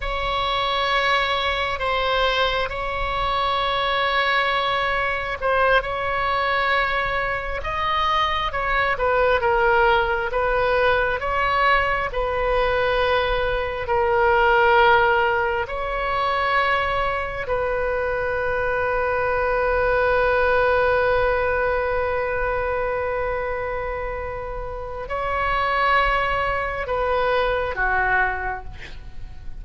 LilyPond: \new Staff \with { instrumentName = "oboe" } { \time 4/4 \tempo 4 = 67 cis''2 c''4 cis''4~ | cis''2 c''8 cis''4.~ | cis''8 dis''4 cis''8 b'8 ais'4 b'8~ | b'8 cis''4 b'2 ais'8~ |
ais'4. cis''2 b'8~ | b'1~ | b'1 | cis''2 b'4 fis'4 | }